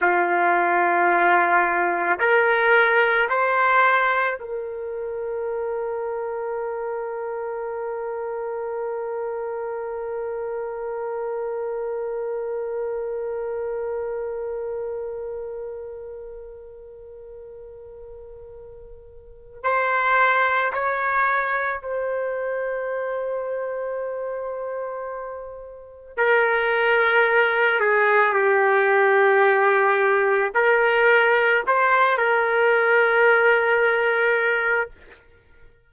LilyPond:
\new Staff \with { instrumentName = "trumpet" } { \time 4/4 \tempo 4 = 55 f'2 ais'4 c''4 | ais'1~ | ais'1~ | ais'1~ |
ais'2 c''4 cis''4 | c''1 | ais'4. gis'8 g'2 | ais'4 c''8 ais'2~ ais'8 | }